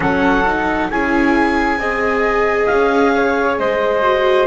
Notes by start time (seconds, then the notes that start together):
0.00 F#3 C#4 A4 F#5
0.46 D#4
0.90 C#4 E4 G#4 G#5
1.77 C4 G#4 D#5
2.66 C#4 F5
3.15 C#5
3.58 G#3 C5 D#5
4.02 F#4